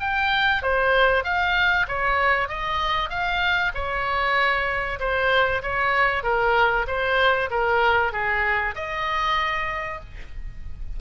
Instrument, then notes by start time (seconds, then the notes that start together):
oboe
0.00 G5
0.62 C5
1.24 F5
1.88 C#5
2.48 D#5
3.09 F5
3.74 C#5
4.99 C5
5.62 C#5
6.23 A#4
6.87 C5
7.50 A#4
8.12 G#4
8.75 D#5